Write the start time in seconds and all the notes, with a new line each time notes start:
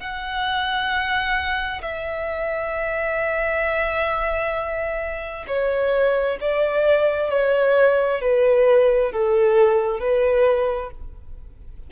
0.00 F#5
1.82 E5
5.48 C#5
6.41 D5
7.31 C#5
8.21 B4
9.12 A4
10.00 B4